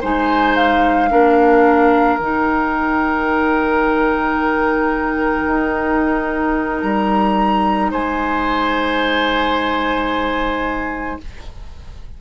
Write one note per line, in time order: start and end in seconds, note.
0.00 1.11 G#3
0.00 1.09 D#4
0.00 1.09 C5
0.00 0.55 G#5
0.55 2.18 F5
1.09 2.18 A#3
1.09 2.18 D4
1.09 7.90 A#4
2.18 5.46 D#3
2.18 11.20 D#4
2.18 6.81 G5
5.46 6.82 D#4
6.81 7.91 G3
6.81 7.90 A#5
7.90 11.18 G#3
7.90 11.17 C5
7.90 11.20 G#5